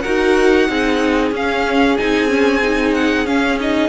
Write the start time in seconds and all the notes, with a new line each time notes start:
0.00 D#4 F#4 A#4 F#5
0.68 C4 D#4 G#4
1.31 C#4 F5
1.97 C4 D#4 G#5
2.28 C#4
2.62 D#4
2.94 F#5
3.25 C#4 F5
3.60 D#4 D#5